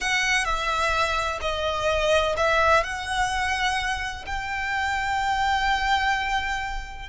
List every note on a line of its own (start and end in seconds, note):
0.00 0.44 F#5
0.44 1.39 E5
1.41 2.35 D#5
2.36 2.83 E5
2.83 4.25 F#5
4.25 7.09 G5